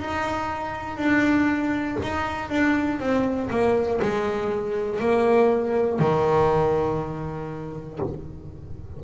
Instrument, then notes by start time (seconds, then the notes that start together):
double bass
0.00 D#4
0.97 D4
2.02 D#4
2.50 D4
3.00 C4
3.50 A#3
4.02 G#3
5.00 A#3
5.99 D#3